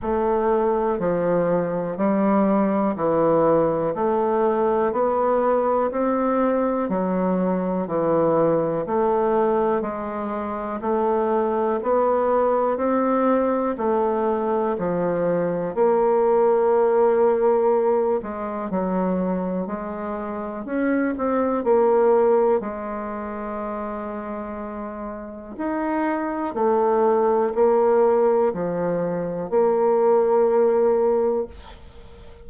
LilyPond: \new Staff \with { instrumentName = "bassoon" } { \time 4/4 \tempo 4 = 61 a4 f4 g4 e4 | a4 b4 c'4 fis4 | e4 a4 gis4 a4 | b4 c'4 a4 f4 |
ais2~ ais8 gis8 fis4 | gis4 cis'8 c'8 ais4 gis4~ | gis2 dis'4 a4 | ais4 f4 ais2 | }